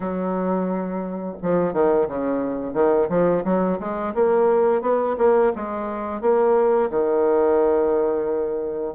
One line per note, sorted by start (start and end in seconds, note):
0.00 1.36 F#3
1.42 1.73 F3
1.73 2.07 D#3
2.08 2.73 C#3
2.73 3.08 D#3
3.08 3.43 F3
3.44 3.78 F#3
3.79 4.14 G#3
4.14 4.81 A#3
4.81 5.15 B3
5.18 5.52 A#3
5.55 6.21 G#3
6.21 6.90 A#3
6.90 8.94 D#3